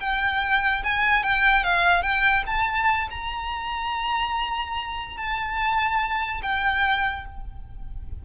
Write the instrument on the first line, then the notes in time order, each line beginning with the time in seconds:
violin
0.00 G5
0.84 G#5
1.23 G5
1.64 F5
2.02 G5
2.47 A5
3.11 A#5
5.17 A5
6.43 G5